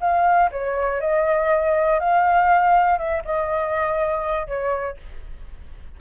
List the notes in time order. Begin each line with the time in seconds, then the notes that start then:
0.00 F5
0.51 C#5
1.00 D#5
1.99 F5
2.98 E5
3.25 D#5
4.47 C#5